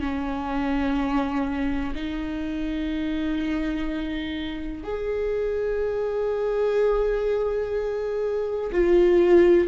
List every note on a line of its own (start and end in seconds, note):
0.00 1.94 C#4
1.94 4.83 D#4
4.83 8.71 G#4
8.72 9.67 F4